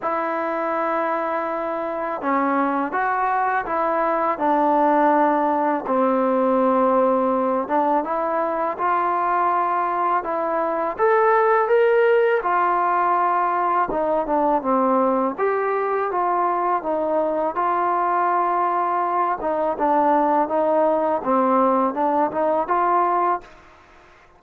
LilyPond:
\new Staff \with { instrumentName = "trombone" } { \time 4/4 \tempo 4 = 82 e'2. cis'4 | fis'4 e'4 d'2 | c'2~ c'8 d'8 e'4 | f'2 e'4 a'4 |
ais'4 f'2 dis'8 d'8 | c'4 g'4 f'4 dis'4 | f'2~ f'8 dis'8 d'4 | dis'4 c'4 d'8 dis'8 f'4 | }